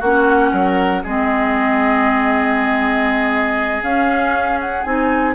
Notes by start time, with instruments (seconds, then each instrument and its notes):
0.00 bassoon A#3, clarinet C#4, oboe F#4, flute F#5
0.52 bassoon F#3, oboe A#4
1.04 bassoon G#3, clarinet C4, oboe G#4, flute D#5
3.82 bassoon C#4, clarinet C#4, flute F5
4.61 flute F#5
4.84 bassoon C4, clarinet D#4, flute G#5